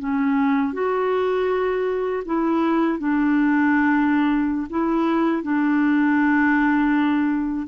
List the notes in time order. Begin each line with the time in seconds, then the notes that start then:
0.00 C#4
0.73 F#4
2.26 E4
2.99 D4
4.70 E4
5.43 D4